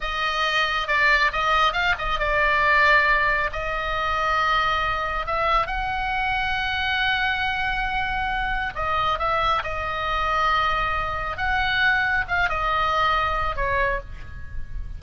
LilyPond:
\new Staff \with { instrumentName = "oboe" } { \time 4/4 \tempo 4 = 137 dis''2 d''4 dis''4 | f''8 dis''8 d''2. | dis''1 | e''4 fis''2.~ |
fis''1 | dis''4 e''4 dis''2~ | dis''2 fis''2 | f''8 dis''2~ dis''8 cis''4 | }